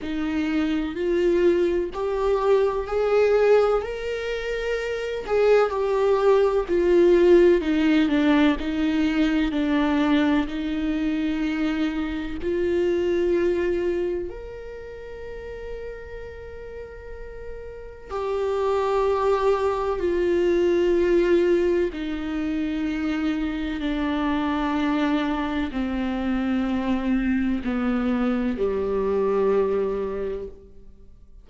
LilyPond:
\new Staff \with { instrumentName = "viola" } { \time 4/4 \tempo 4 = 63 dis'4 f'4 g'4 gis'4 | ais'4. gis'8 g'4 f'4 | dis'8 d'8 dis'4 d'4 dis'4~ | dis'4 f'2 ais'4~ |
ais'2. g'4~ | g'4 f'2 dis'4~ | dis'4 d'2 c'4~ | c'4 b4 g2 | }